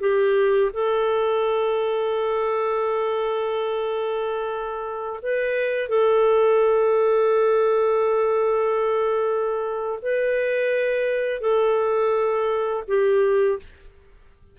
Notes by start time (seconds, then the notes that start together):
0.00 G4
0.73 A4
5.22 B4
5.89 A4
10.02 B4
11.41 A4
12.88 G4